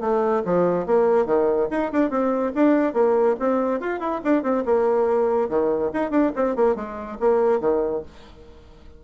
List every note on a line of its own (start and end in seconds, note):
0.00 0.42 A3
0.45 0.86 F3
0.86 1.26 A#3
1.26 1.68 D#3
1.70 1.91 D#4
1.92 2.10 D4
2.10 2.52 C4
2.55 2.93 D4
2.93 3.36 A#3
3.39 3.80 C4
3.80 4.00 F4
4.00 4.21 E4
4.24 4.43 D4
4.43 4.64 C4
4.65 5.49 A#3
5.49 5.91 D#3
5.93 6.11 D#4
6.11 6.32 D4
6.36 6.56 C4
6.56 6.75 A#3
6.75 7.18 G#3
7.20 7.60 A#3
7.60 8.02 D#3